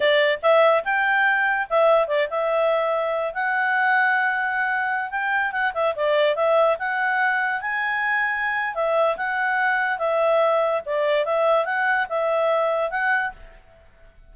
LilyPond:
\new Staff \with { instrumentName = "clarinet" } { \time 4/4 \tempo 4 = 144 d''4 e''4 g''2 | e''4 d''8 e''2~ e''8 | fis''1~ | fis''16 g''4 fis''8 e''8 d''4 e''8.~ |
e''16 fis''2 gis''4.~ gis''16~ | gis''4 e''4 fis''2 | e''2 d''4 e''4 | fis''4 e''2 fis''4 | }